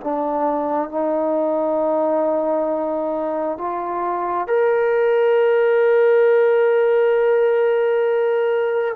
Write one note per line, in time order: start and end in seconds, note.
0.00 0.89 D4
0.89 3.57 D#4
3.57 4.47 F4
4.47 8.95 A#4